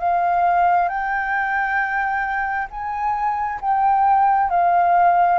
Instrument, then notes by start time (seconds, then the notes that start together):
flute
0.00 F5
0.89 G5
2.71 G#5
3.61 G5
4.51 F5